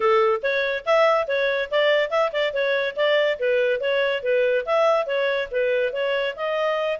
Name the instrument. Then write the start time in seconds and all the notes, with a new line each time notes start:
clarinet
0.00 A4
0.42 C#5
0.85 E5
1.27 C#5
1.70 D5
2.10 E5
2.32 D5
2.53 C#5
2.96 D5
3.39 B4
3.80 C#5
4.22 B4
4.65 E5
5.06 C#5
5.51 B4
5.92 C#5
6.36 D#5